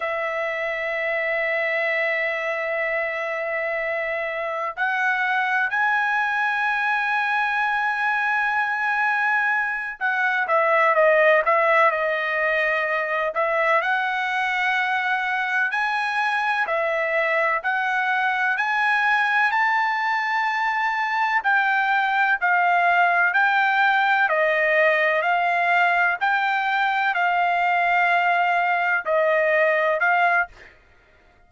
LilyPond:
\new Staff \with { instrumentName = "trumpet" } { \time 4/4 \tempo 4 = 63 e''1~ | e''4 fis''4 gis''2~ | gis''2~ gis''8 fis''8 e''8 dis''8 | e''8 dis''4. e''8 fis''4.~ |
fis''8 gis''4 e''4 fis''4 gis''8~ | gis''8 a''2 g''4 f''8~ | f''8 g''4 dis''4 f''4 g''8~ | g''8 f''2 dis''4 f''8 | }